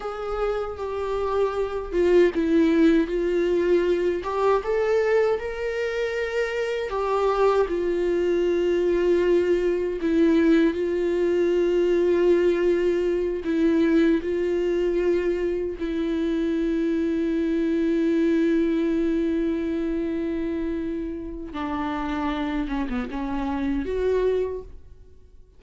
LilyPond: \new Staff \with { instrumentName = "viola" } { \time 4/4 \tempo 4 = 78 gis'4 g'4. f'8 e'4 | f'4. g'8 a'4 ais'4~ | ais'4 g'4 f'2~ | f'4 e'4 f'2~ |
f'4. e'4 f'4.~ | f'8 e'2.~ e'8~ | e'1 | d'4. cis'16 b16 cis'4 fis'4 | }